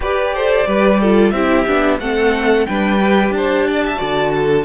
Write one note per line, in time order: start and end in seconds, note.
0.00 0.32 G4
0.00 0.65 G4
0.00 0.34 B4
0.00 1.30 D5
0.34 0.66 A4
0.34 0.66 C5
0.66 1.32 G3
0.66 0.99 G4
0.66 1.00 B4
1.00 1.34 F4
1.00 1.33 A4
1.30 1.65 C4
1.30 1.66 E4
1.30 2.00 G4
1.30 1.97 E5
1.66 1.99 B3
1.66 2.00 D4
1.99 2.66 A3
1.99 2.67 C4
1.99 2.66 A4
1.99 2.66 F#5
2.66 3.30 G3
2.66 2.99 D4
2.66 3.33 B4
2.66 3.32 G5
2.99 3.96 G4
3.30 3.96 D4
3.30 4.64 A5
3.36 3.67 C5
3.67 3.84 D5
3.86 3.98 E5
3.96 4.64 D3
3.96 4.63 F#4
3.96 4.31 D5
4.35 4.64 A4